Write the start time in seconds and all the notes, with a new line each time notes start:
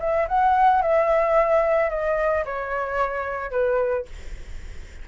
0.00 E5
0.28 F#5
0.82 E5
1.90 D#5
2.45 C#5
3.51 B4